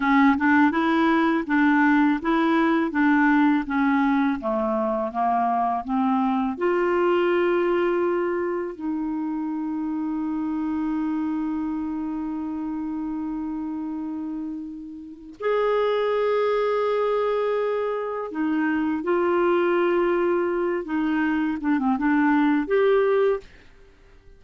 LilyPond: \new Staff \with { instrumentName = "clarinet" } { \time 4/4 \tempo 4 = 82 cis'8 d'8 e'4 d'4 e'4 | d'4 cis'4 a4 ais4 | c'4 f'2. | dis'1~ |
dis'1~ | dis'4 gis'2.~ | gis'4 dis'4 f'2~ | f'8 dis'4 d'16 c'16 d'4 g'4 | }